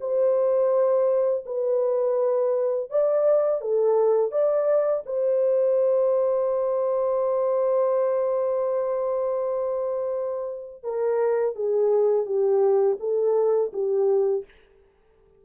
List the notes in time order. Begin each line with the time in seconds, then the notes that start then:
0.00 C5
1.46 B4
2.90 D5
3.61 A4
4.31 D5
5.05 C5
10.83 A#4
11.55 G#4
12.26 G4
13.00 A4
13.73 G4